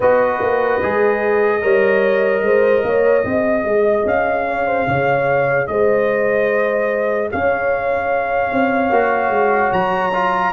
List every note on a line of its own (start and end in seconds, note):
0.00 0.40 B3
0.00 0.81 F#4
0.00 1.61 B4
0.00 4.06 D#5
0.40 0.81 A#3
0.81 1.63 G#3
0.81 1.61 G#4
1.61 2.41 G3
1.61 3.23 A#4
1.61 2.43 C#5
2.41 2.82 G#3
2.41 2.85 C5
2.83 3.24 A#3
2.83 3.25 C#5
3.23 3.64 C4
3.23 8.90 G#4
3.23 4.46 D#5
3.64 4.05 G#3
4.05 4.86 C#4
4.05 5.67 F5
4.47 4.66 C#5
4.66 4.86 C5
4.87 5.68 C#3
4.87 5.69 C#5
5.67 7.30 G#3
5.67 7.32 C5
5.67 7.29 D#5
7.31 8.52 C#4
7.31 10.52 C#5
7.31 9.72 F5
8.52 8.90 C4
8.90 9.29 A#3
8.90 10.12 F#4
9.29 9.70 G#3
9.72 10.52 F#3
9.72 10.52 A#5
10.13 10.52 F4